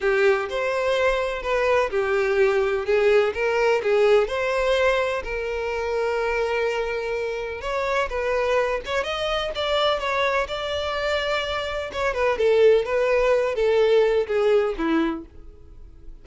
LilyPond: \new Staff \with { instrumentName = "violin" } { \time 4/4 \tempo 4 = 126 g'4 c''2 b'4 | g'2 gis'4 ais'4 | gis'4 c''2 ais'4~ | ais'1 |
cis''4 b'4. cis''8 dis''4 | d''4 cis''4 d''2~ | d''4 cis''8 b'8 a'4 b'4~ | b'8 a'4. gis'4 e'4 | }